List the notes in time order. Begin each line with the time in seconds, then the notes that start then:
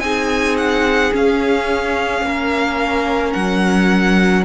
0.00 C4 D#4 G#4 G#5
0.57 F#5
1.12 C#4 F5
2.22 A#3 A#4
3.33 F#3 F#5